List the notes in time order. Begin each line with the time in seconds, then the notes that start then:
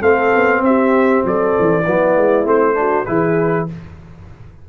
0.00 A3 C4 A4 F5
0.35 B3
0.61 C4 G4 E5
1.24 F#3 A4 D5
1.58 E3
1.83 F#3 B3 E4
2.16 G#3
2.44 A3 C4 C5
2.74 D4 F#4
3.05 E3 E4 G#4 B4